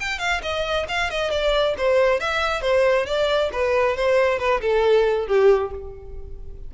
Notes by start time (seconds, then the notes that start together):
0.00 G5
0.19 F5
0.43 D#5
0.88 F5
1.10 D#5
1.31 D5
1.77 C5
2.20 E5
2.62 C5
3.06 D5
3.52 B4
3.96 C5
4.39 B4
4.61 A4
5.27 G4